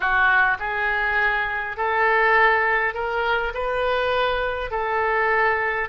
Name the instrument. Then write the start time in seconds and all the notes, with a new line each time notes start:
oboe
0.00 F#4
0.59 G#4
1.76 A4
2.94 A#4
3.53 B4
4.71 A4